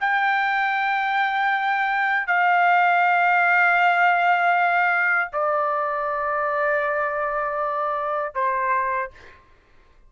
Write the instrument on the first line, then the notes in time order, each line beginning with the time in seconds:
trumpet
0.00 G5
2.27 F5
5.32 D5
8.35 C5